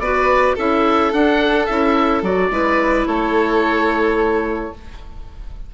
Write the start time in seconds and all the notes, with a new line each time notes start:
0.00 B3 F#4 B4 D5
0.55 C#4 E4 A4 E5
1.12 D4 F#5
1.67 C#4 E4 E5
2.23 F#3 F#4 D5
2.50 G#3 E4 B4
3.07 A3 A4 C#5